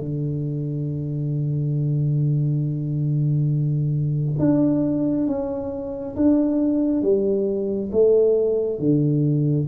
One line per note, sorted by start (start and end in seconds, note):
0.00 4.39 D3
4.39 5.27 D4
5.27 6.16 C#4
6.16 7.02 D4
7.02 7.91 G3
7.92 8.79 A3
8.79 9.67 D3